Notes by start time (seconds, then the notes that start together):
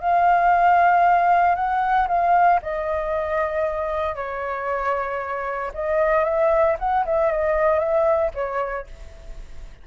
0.00 F5
1.55 F#5
2.08 F5
2.62 D#5
4.15 C#5
5.73 D#5
6.24 E5
6.78 F#5
7.05 E5
7.31 D#5
7.79 E5
8.34 C#5